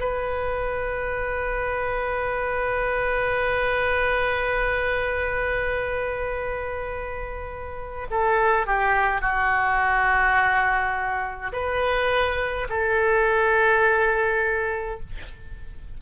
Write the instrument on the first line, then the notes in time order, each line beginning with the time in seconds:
oboe
0.00 B4
8.11 A4
8.67 G4
9.22 F#4
11.53 B4
12.70 A4